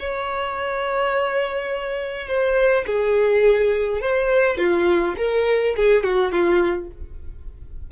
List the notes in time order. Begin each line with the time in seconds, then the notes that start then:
0.00 C#5
2.28 C5
2.87 G#4
4.01 C5
4.58 F4
5.18 A#4
5.77 G#4
6.04 F#4
6.33 F4